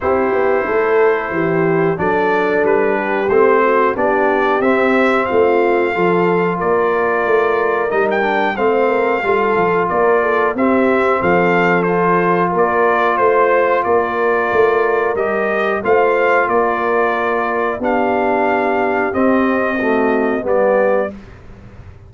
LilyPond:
<<
  \new Staff \with { instrumentName = "trumpet" } { \time 4/4 \tempo 4 = 91 c''2. d''4 | b'4 c''4 d''4 e''4 | f''2 d''2 | dis''16 g''8. f''2 d''4 |
e''4 f''4 c''4 d''4 | c''4 d''2 dis''4 | f''4 d''2 f''4~ | f''4 dis''2 d''4 | }
  \new Staff \with { instrumentName = "horn" } { \time 4/4 g'4 a'4 g'4 a'4~ | a'8 g'4 fis'8 g'2 | f'4 a'4 ais'2~ | ais'4 c''8 ais'8 a'4 ais'8 a'8 |
g'4 a'2 ais'4 | c''4 ais'2. | c''4 ais'2 g'4~ | g'2 fis'4 g'4 | }
  \new Staff \with { instrumentName = "trombone" } { \time 4/4 e'2. d'4~ | d'4 c'4 d'4 c'4~ | c'4 f'2. | dis'8 d'8 c'4 f'2 |
c'2 f'2~ | f'2. g'4 | f'2. d'4~ | d'4 c'4 a4 b4 | }
  \new Staff \with { instrumentName = "tuba" } { \time 4/4 c'8 b8 a4 e4 fis4 | g4 a4 b4 c'4 | a4 f4 ais4 a4 | g4 a4 g8 f8 ais4 |
c'4 f2 ais4 | a4 ais4 a4 g4 | a4 ais2 b4~ | b4 c'2 g4 | }
>>